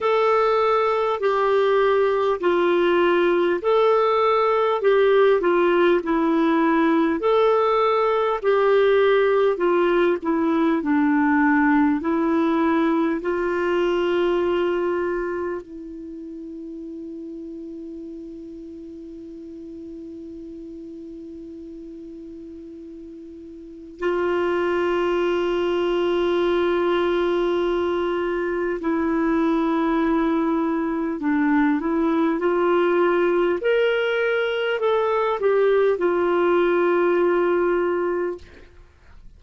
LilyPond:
\new Staff \with { instrumentName = "clarinet" } { \time 4/4 \tempo 4 = 50 a'4 g'4 f'4 a'4 | g'8 f'8 e'4 a'4 g'4 | f'8 e'8 d'4 e'4 f'4~ | f'4 e'2.~ |
e'1 | f'1 | e'2 d'8 e'8 f'4 | ais'4 a'8 g'8 f'2 | }